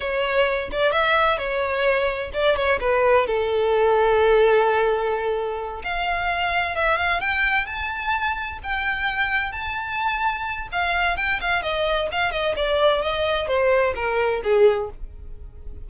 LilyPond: \new Staff \with { instrumentName = "violin" } { \time 4/4 \tempo 4 = 129 cis''4. d''8 e''4 cis''4~ | cis''4 d''8 cis''8 b'4 a'4~ | a'1~ | a'8 f''2 e''8 f''8 g''8~ |
g''8 a''2 g''4.~ | g''8 a''2~ a''8 f''4 | g''8 f''8 dis''4 f''8 dis''8 d''4 | dis''4 c''4 ais'4 gis'4 | }